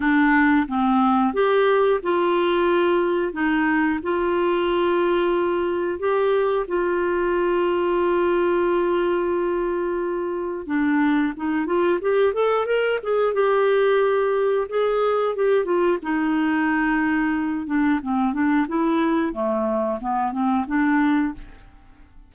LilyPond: \new Staff \with { instrumentName = "clarinet" } { \time 4/4 \tempo 4 = 90 d'4 c'4 g'4 f'4~ | f'4 dis'4 f'2~ | f'4 g'4 f'2~ | f'1 |
d'4 dis'8 f'8 g'8 a'8 ais'8 gis'8 | g'2 gis'4 g'8 f'8 | dis'2~ dis'8 d'8 c'8 d'8 | e'4 a4 b8 c'8 d'4 | }